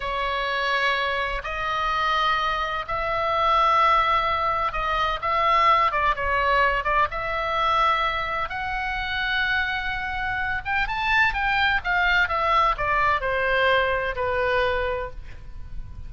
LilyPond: \new Staff \with { instrumentName = "oboe" } { \time 4/4 \tempo 4 = 127 cis''2. dis''4~ | dis''2 e''2~ | e''2 dis''4 e''4~ | e''8 d''8 cis''4. d''8 e''4~ |
e''2 fis''2~ | fis''2~ fis''8 g''8 a''4 | g''4 f''4 e''4 d''4 | c''2 b'2 | }